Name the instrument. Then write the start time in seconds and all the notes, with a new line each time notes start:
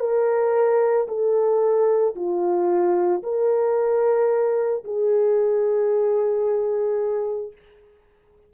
horn
0.00 A#4
1.08 A4
2.15 F4
3.23 A#4
4.84 G#4